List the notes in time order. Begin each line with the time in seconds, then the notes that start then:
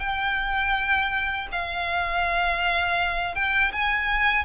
0.00 G5
1.52 F5
3.35 G5
3.73 G#5